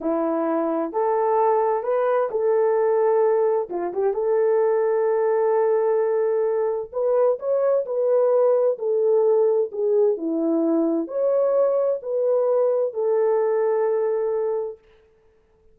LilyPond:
\new Staff \with { instrumentName = "horn" } { \time 4/4 \tempo 4 = 130 e'2 a'2 | b'4 a'2. | f'8 g'8 a'2.~ | a'2. b'4 |
cis''4 b'2 a'4~ | a'4 gis'4 e'2 | cis''2 b'2 | a'1 | }